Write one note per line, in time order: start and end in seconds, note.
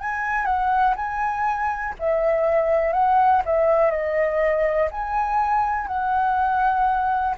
0.00 0.45 G#5
0.45 0.94 F#5
0.96 1.94 G#5
1.99 2.93 E5
2.93 3.42 F#5
3.45 3.91 E5
3.91 4.89 D#5
4.91 5.87 G#5
5.87 7.35 F#5